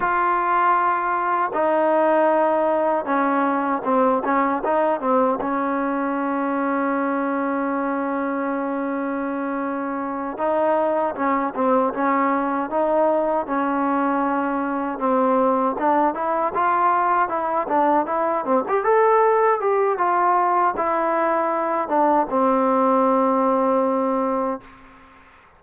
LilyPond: \new Staff \with { instrumentName = "trombone" } { \time 4/4 \tempo 4 = 78 f'2 dis'2 | cis'4 c'8 cis'8 dis'8 c'8 cis'4~ | cis'1~ | cis'4. dis'4 cis'8 c'8 cis'8~ |
cis'8 dis'4 cis'2 c'8~ | c'8 d'8 e'8 f'4 e'8 d'8 e'8 | c'16 g'16 a'4 g'8 f'4 e'4~ | e'8 d'8 c'2. | }